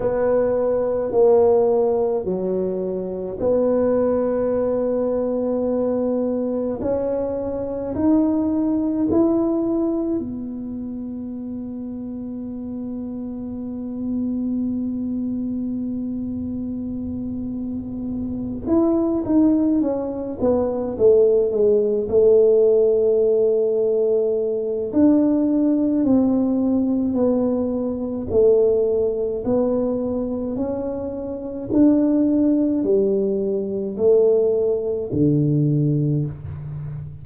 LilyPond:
\new Staff \with { instrumentName = "tuba" } { \time 4/4 \tempo 4 = 53 b4 ais4 fis4 b4~ | b2 cis'4 dis'4 | e'4 b2.~ | b1~ |
b8 e'8 dis'8 cis'8 b8 a8 gis8 a8~ | a2 d'4 c'4 | b4 a4 b4 cis'4 | d'4 g4 a4 d4 | }